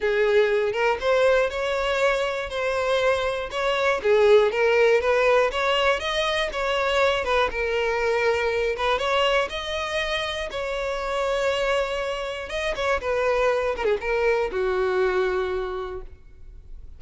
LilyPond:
\new Staff \with { instrumentName = "violin" } { \time 4/4 \tempo 4 = 120 gis'4. ais'8 c''4 cis''4~ | cis''4 c''2 cis''4 | gis'4 ais'4 b'4 cis''4 | dis''4 cis''4. b'8 ais'4~ |
ais'4. b'8 cis''4 dis''4~ | dis''4 cis''2.~ | cis''4 dis''8 cis''8 b'4. ais'16 gis'16 | ais'4 fis'2. | }